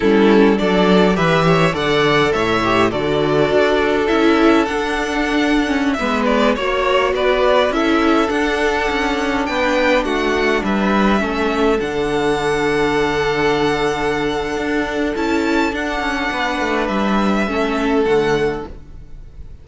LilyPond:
<<
  \new Staff \with { instrumentName = "violin" } { \time 4/4 \tempo 4 = 103 a'4 d''4 e''4 fis''4 | e''4 d''2 e''4 | fis''2~ fis''16 e''8 d''8 cis''8.~ | cis''16 d''4 e''4 fis''4.~ fis''16~ |
fis''16 g''4 fis''4 e''4.~ e''16~ | e''16 fis''2.~ fis''8.~ | fis''2 a''4 fis''4~ | fis''4 e''2 fis''4 | }
  \new Staff \with { instrumentName = "violin" } { \time 4/4 e'4 a'4 b'8 cis''8 d''4 | cis''4 a'2.~ | a'2~ a'16 b'4 cis''8.~ | cis''16 b'4 a'2~ a'8.~ |
a'16 b'4 fis'4 b'4 a'8.~ | a'1~ | a'1 | b'2 a'2 | }
  \new Staff \with { instrumentName = "viola" } { \time 4/4 cis'4 d'4 g'4 a'4~ | a'8 g'8 fis'2 e'4 | d'4.~ d'16 cis'8 b4 fis'8.~ | fis'4~ fis'16 e'4 d'4.~ d'16~ |
d'2.~ d'16 cis'8.~ | cis'16 d'2.~ d'8.~ | d'2 e'4 d'4~ | d'2 cis'4 a4 | }
  \new Staff \with { instrumentName = "cello" } { \time 4/4 g4 fis4 e4 d4 | a,4 d4 d'4 cis'4 | d'2~ d'16 gis4 ais8.~ | ais16 b4 cis'4 d'4 cis'8.~ |
cis'16 b4 a4 g4 a8.~ | a16 d2.~ d8.~ | d4 d'4 cis'4 d'8 cis'8 | b8 a8 g4 a4 d4 | }
>>